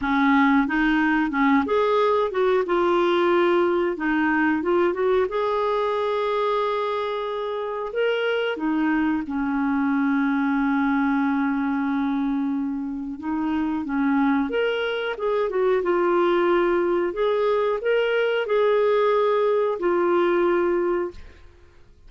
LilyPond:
\new Staff \with { instrumentName = "clarinet" } { \time 4/4 \tempo 4 = 91 cis'4 dis'4 cis'8 gis'4 fis'8 | f'2 dis'4 f'8 fis'8 | gis'1 | ais'4 dis'4 cis'2~ |
cis'1 | dis'4 cis'4 ais'4 gis'8 fis'8 | f'2 gis'4 ais'4 | gis'2 f'2 | }